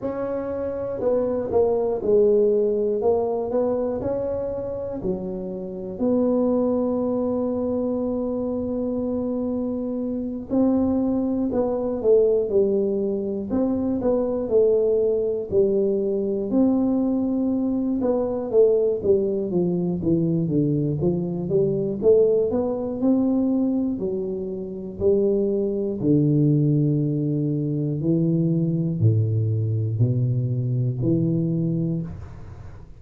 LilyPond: \new Staff \with { instrumentName = "tuba" } { \time 4/4 \tempo 4 = 60 cis'4 b8 ais8 gis4 ais8 b8 | cis'4 fis4 b2~ | b2~ b8 c'4 b8 | a8 g4 c'8 b8 a4 g8~ |
g8 c'4. b8 a8 g8 f8 | e8 d8 f8 g8 a8 b8 c'4 | fis4 g4 d2 | e4 a,4 b,4 e4 | }